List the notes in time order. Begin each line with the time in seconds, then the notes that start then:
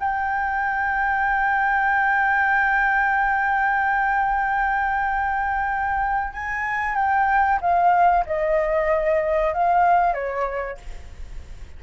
0.00 G5
6.34 G#5
6.95 G5
7.62 F5
8.26 D#5
9.54 F5
10.14 C#5